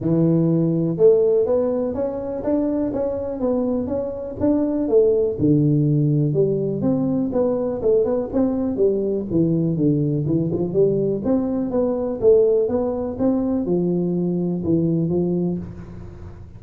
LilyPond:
\new Staff \with { instrumentName = "tuba" } { \time 4/4 \tempo 4 = 123 e2 a4 b4 | cis'4 d'4 cis'4 b4 | cis'4 d'4 a4 d4~ | d4 g4 c'4 b4 |
a8 b8 c'4 g4 e4 | d4 e8 f8 g4 c'4 | b4 a4 b4 c'4 | f2 e4 f4 | }